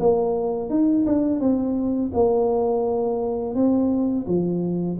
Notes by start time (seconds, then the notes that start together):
0.00 A#3
0.70 D#4
1.06 D4
1.40 C4
2.14 A#3
3.55 C4
4.27 F3